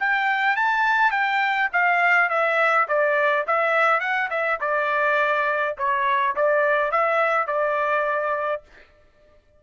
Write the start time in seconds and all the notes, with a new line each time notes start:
0.00 G5
0.57 A5
1.11 G5
1.73 F5
2.30 E5
2.88 D5
3.47 E5
4.00 F#5
4.30 E5
4.61 D5
5.78 C#5
6.36 D5
6.92 E5
7.47 D5